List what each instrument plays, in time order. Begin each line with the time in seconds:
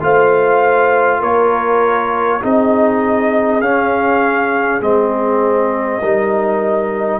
0.00 tuba A3, trombone F4, horn C5, trumpet F5
1.20 tuba A#3, horn A#4, trumpet C#5
2.41 tuba C4, trombone D#4, horn G#4, trumpet D#5
3.60 tuba C#4, trombone C#4, trumpet F5
4.81 tuba G#3, trombone C4, trumpet D#5
6.00 tuba G3, trombone D#4, horn A#4